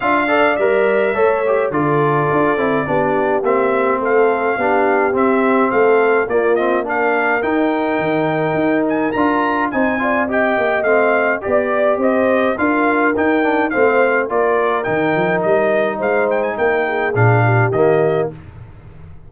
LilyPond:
<<
  \new Staff \with { instrumentName = "trumpet" } { \time 4/4 \tempo 4 = 105 f''4 e''2 d''4~ | d''2 e''4 f''4~ | f''4 e''4 f''4 d''8 dis''8 | f''4 g''2~ g''8 gis''8 |
ais''4 gis''4 g''4 f''4 | d''4 dis''4 f''4 g''4 | f''4 d''4 g''4 dis''4 | f''8 g''16 gis''16 g''4 f''4 dis''4 | }
  \new Staff \with { instrumentName = "horn" } { \time 4/4 e''8 d''4. cis''4 a'4~ | a'4 g'2 a'4 | g'2 a'4 f'4 | ais'1~ |
ais'4 c''8 d''8 dis''2 | d''4 c''4 ais'2 | c''4 ais'2. | c''4 ais'8 gis'4 g'4. | }
  \new Staff \with { instrumentName = "trombone" } { \time 4/4 f'8 a'8 ais'4 a'8 g'8 f'4~ | f'8 e'8 d'4 c'2 | d'4 c'2 ais8 c'8 | d'4 dis'2. |
f'4 dis'8 f'8 g'4 c'4 | g'2 f'4 dis'8 d'8 | c'4 f'4 dis'2~ | dis'2 d'4 ais4 | }
  \new Staff \with { instrumentName = "tuba" } { \time 4/4 d'4 g4 a4 d4 | d'8 c'8 b4 ais4 a4 | b4 c'4 a4 ais4~ | ais4 dis'4 dis4 dis'4 |
d'4 c'4. ais8 a4 | b4 c'4 d'4 dis'4 | a4 ais4 dis8 f8 g4 | gis4 ais4 ais,4 dis4 | }
>>